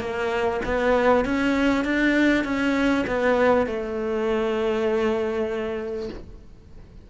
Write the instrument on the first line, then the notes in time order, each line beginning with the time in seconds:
cello
0.00 A#3
0.65 B3
1.25 C#4
1.85 D4
2.44 C#4
3.07 B3
3.67 A3